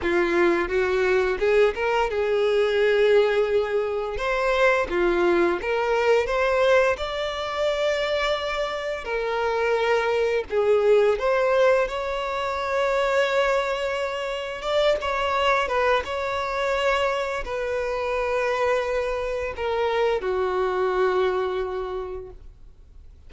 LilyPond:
\new Staff \with { instrumentName = "violin" } { \time 4/4 \tempo 4 = 86 f'4 fis'4 gis'8 ais'8 gis'4~ | gis'2 c''4 f'4 | ais'4 c''4 d''2~ | d''4 ais'2 gis'4 |
c''4 cis''2.~ | cis''4 d''8 cis''4 b'8 cis''4~ | cis''4 b'2. | ais'4 fis'2. | }